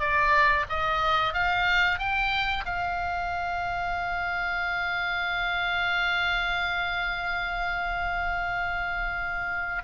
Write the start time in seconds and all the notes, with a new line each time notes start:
0.00 D5
0.69 D#5
1.33 F5
1.99 G5
2.65 F5